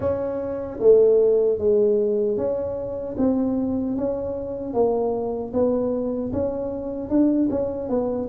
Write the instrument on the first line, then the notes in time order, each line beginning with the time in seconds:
tuba
0.00 C#4
0.80 A3
1.58 G#3
2.37 C#4
3.17 C4
3.97 C#4
4.73 A#3
5.53 B3
6.33 C#4
7.09 D4
7.50 C#4
7.89 B3